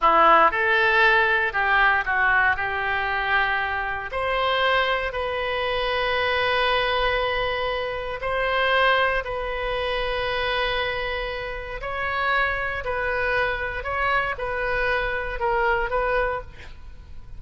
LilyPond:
\new Staff \with { instrumentName = "oboe" } { \time 4/4 \tempo 4 = 117 e'4 a'2 g'4 | fis'4 g'2. | c''2 b'2~ | b'1 |
c''2 b'2~ | b'2. cis''4~ | cis''4 b'2 cis''4 | b'2 ais'4 b'4 | }